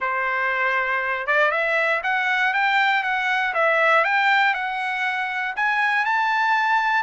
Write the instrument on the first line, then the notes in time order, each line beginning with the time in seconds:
trumpet
0.00 C5
1.26 D5
1.51 E5
2.03 F#5
2.53 G5
3.03 F#5
3.53 E5
4.04 G5
4.54 F#5
5.56 G#5
6.05 A5